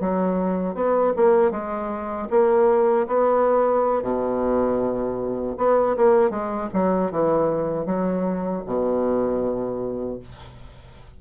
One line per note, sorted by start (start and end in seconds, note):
0.00 0.74 F#3
0.74 1.13 B3
1.16 1.51 A#3
1.51 2.28 G#3
2.30 3.07 A#3
3.07 4.02 B3
4.02 5.56 B2
5.57 5.96 B3
5.97 6.30 A#3
6.30 6.69 G#3
6.73 7.11 F#3
7.11 7.86 E3
7.86 8.63 F#3
8.66 10.20 B2